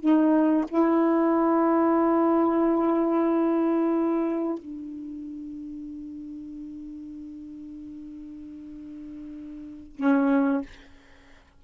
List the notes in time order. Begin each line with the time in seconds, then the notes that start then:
0.00 D#4
0.68 E4
4.59 D4
9.96 C#4